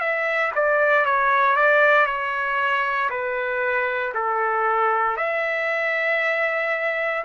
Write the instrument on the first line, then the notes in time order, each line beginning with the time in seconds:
trumpet
0.00 E5
0.55 D5
1.05 C#5
1.56 D5
2.06 C#5
3.10 B4
4.15 A4
5.17 E5